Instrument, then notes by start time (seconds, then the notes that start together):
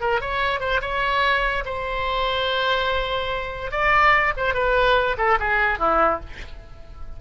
oboe
0.00 A#4
0.21 C#5
0.60 C5
0.81 C#5
1.65 C5
3.71 D5
4.36 C5
4.54 B4
5.17 A4
5.39 G#4
5.79 E4